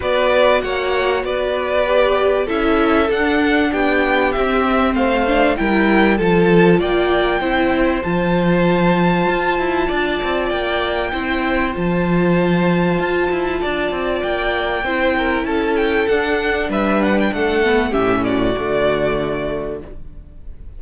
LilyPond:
<<
  \new Staff \with { instrumentName = "violin" } { \time 4/4 \tempo 4 = 97 d''4 fis''4 d''2 | e''4 fis''4 g''4 e''4 | f''4 g''4 a''4 g''4~ | g''4 a''2.~ |
a''4 g''2 a''4~ | a''2. g''4~ | g''4 a''8 g''8 fis''4 e''8 fis''16 g''16 | fis''4 e''8 d''2~ d''8 | }
  \new Staff \with { instrumentName = "violin" } { \time 4/4 b'4 cis''4 b'2 | a'2 g'2 | c''4 ais'4 a'4 d''4 | c''1 |
d''2 c''2~ | c''2 d''2 | c''8 ais'8 a'2 b'4 | a'4 g'8 fis'2~ fis'8 | }
  \new Staff \with { instrumentName = "viola" } { \time 4/4 fis'2. g'4 | e'4 d'2 c'4~ | c'8 d'8 e'4 f'2 | e'4 f'2.~ |
f'2 e'4 f'4~ | f'1 | e'2 d'2~ | d'8 b8 cis'4 a2 | }
  \new Staff \with { instrumentName = "cello" } { \time 4/4 b4 ais4 b2 | cis'4 d'4 b4 c'4 | a4 g4 f4 ais4 | c'4 f2 f'8 e'8 |
d'8 c'8 ais4 c'4 f4~ | f4 f'8 e'8 d'8 c'8 ais4 | c'4 cis'4 d'4 g4 | a4 a,4 d2 | }
>>